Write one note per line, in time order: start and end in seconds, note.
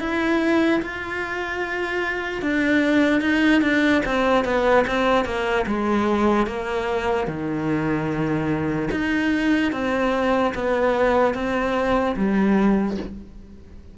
0.00 0.81 E4
0.82 2.42 F4
2.42 3.21 D4
3.21 3.62 D#4
3.62 4.02 D4
4.06 4.45 C4
4.45 4.85 B3
4.87 5.25 C4
5.25 5.66 A#3
5.67 6.47 G#3
6.47 7.28 A#3
7.28 8.90 D#3
8.91 9.72 D#4
9.72 10.53 C4
10.55 11.34 B3
11.34 12.15 C4
12.16 12.97 G3